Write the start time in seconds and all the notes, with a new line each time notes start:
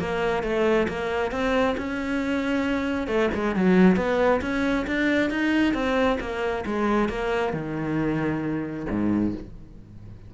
0.00 A#3
0.43 A3
0.89 A#3
1.32 C4
1.78 C#4
3.08 A3
3.35 G#3
3.56 F#3
3.97 B3
4.42 C#4
4.87 D4
5.31 D#4
5.74 C4
6.21 A#3
6.66 G#3
7.10 A#3
7.53 D#3
8.90 G#2